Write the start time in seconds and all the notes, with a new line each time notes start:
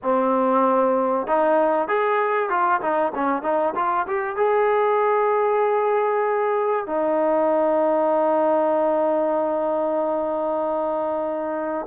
0.02 C4
1.27 D#4
1.88 G#4
2.49 F4
2.81 D#4
3.14 C#4
3.42 D#4
3.75 F4
4.07 G4
4.36 G#4
6.86 D#4